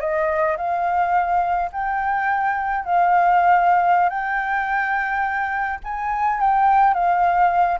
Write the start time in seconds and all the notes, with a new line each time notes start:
0.00 D#5
0.57 F5
1.72 G5
2.85 F5
4.09 G5
5.84 G#5
6.40 G5
6.94 F5